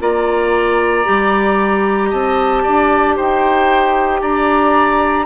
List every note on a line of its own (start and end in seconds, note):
0.00 1.06 A#3
0.00 1.05 F4
0.00 2.10 D5
0.00 2.12 A#5
1.05 2.13 G3
1.05 5.26 G4
2.10 2.65 C4
2.10 2.63 D#5
2.10 3.17 A5
2.63 3.18 D4
2.63 3.16 D5
3.17 4.22 D#4
3.17 4.21 C5
3.17 4.21 G5
4.21 5.27 D4
4.21 5.27 D5
4.21 5.27 A#5